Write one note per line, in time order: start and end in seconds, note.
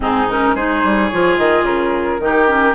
0.00 0.55 G#2
0.00 0.27 C4
0.00 0.55 D#4
0.00 0.29 G#4
0.29 0.57 C#4
0.29 0.55 A#4
0.55 0.82 G#3
0.55 1.12 D#4
0.55 2.20 G#4
0.55 1.08 C5
0.83 1.11 G3
1.08 1.38 F3
1.08 2.20 F4
1.08 1.35 C#5
1.37 1.62 D#3
1.37 1.65 D#5
1.62 2.17 C#3
1.62 2.74 A#4
2.19 2.74 D#3
2.19 2.47 D#4
2.19 2.74 G4
2.47 2.74 C#4